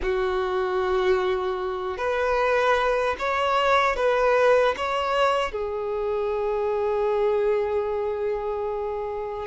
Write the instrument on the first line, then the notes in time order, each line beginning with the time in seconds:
violin
0.02 F#4
1.97 B4
3.18 C#5
3.95 B4
4.76 C#5
5.52 G#4